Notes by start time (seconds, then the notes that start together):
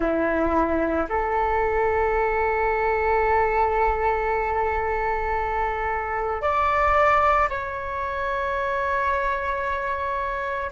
0.00 E4
1.09 A4
6.41 D5
7.49 C#5